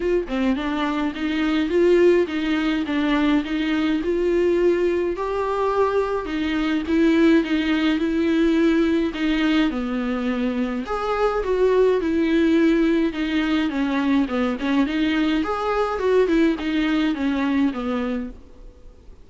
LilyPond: \new Staff \with { instrumentName = "viola" } { \time 4/4 \tempo 4 = 105 f'8 c'8 d'4 dis'4 f'4 | dis'4 d'4 dis'4 f'4~ | f'4 g'2 dis'4 | e'4 dis'4 e'2 |
dis'4 b2 gis'4 | fis'4 e'2 dis'4 | cis'4 b8 cis'8 dis'4 gis'4 | fis'8 e'8 dis'4 cis'4 b4 | }